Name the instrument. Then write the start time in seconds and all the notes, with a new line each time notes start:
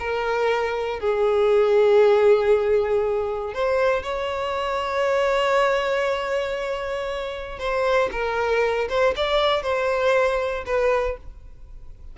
violin
0.00 A#4
1.00 G#4
3.54 C5
4.04 C#5
7.59 C5
8.12 A#4
8.89 C5
9.17 D5
9.63 C5
10.66 B4